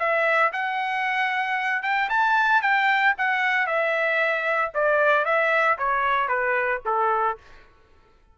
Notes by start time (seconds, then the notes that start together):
0.00 E5
0.53 F#5
1.83 G5
2.10 A5
2.62 G5
3.18 F#5
3.67 E5
4.75 D5
5.25 E5
5.79 C#5
6.29 B4
6.86 A4